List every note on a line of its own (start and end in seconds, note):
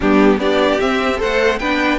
0.00 0.37 G3
0.00 0.39 B3
0.00 0.36 D4
0.00 0.39 G4
0.37 0.77 B3
0.37 0.79 D4
0.37 1.19 G4
0.37 0.79 D5
0.80 1.16 C4
0.80 1.21 C4
0.80 1.20 E5
1.16 1.56 A4
1.16 1.59 C5
1.22 1.59 A3
1.22 1.58 F#5
1.58 1.98 B3
1.58 1.98 D4
1.58 1.98 B4
1.58 1.98 G5